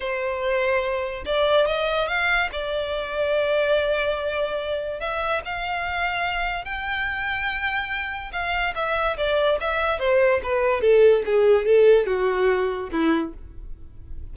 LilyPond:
\new Staff \with { instrumentName = "violin" } { \time 4/4 \tempo 4 = 144 c''2. d''4 | dis''4 f''4 d''2~ | d''1 | e''4 f''2. |
g''1 | f''4 e''4 d''4 e''4 | c''4 b'4 a'4 gis'4 | a'4 fis'2 e'4 | }